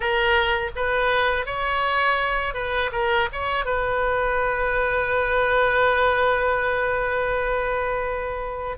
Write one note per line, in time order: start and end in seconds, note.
0.00 0.71 A#4
0.75 1.45 B4
1.45 2.54 C#5
2.54 2.90 B4
2.92 3.28 A#4
3.32 3.65 C#5
3.65 8.77 B4